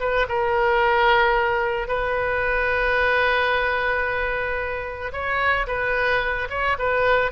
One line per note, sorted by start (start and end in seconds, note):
0.00 0.27 B4
0.29 1.88 A#4
1.88 5.12 B4
5.13 5.67 C#5
5.67 6.48 B4
6.50 6.77 C#5
6.79 7.32 B4